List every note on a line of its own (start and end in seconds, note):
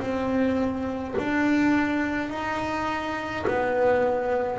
0.00 1.15 C4
1.19 2.30 D4
2.30 3.46 D#4
3.47 4.59 B3